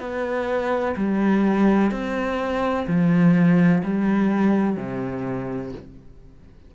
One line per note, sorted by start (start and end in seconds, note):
0.00 0.95 B3
0.97 1.91 G3
1.91 2.87 C4
2.87 3.83 F3
3.84 4.77 G3
4.77 5.72 C3